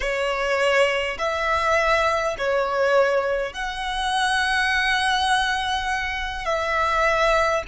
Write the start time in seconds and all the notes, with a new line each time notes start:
0.00 C#5
1.18 E5
2.38 C#5
3.53 F#5
6.45 E5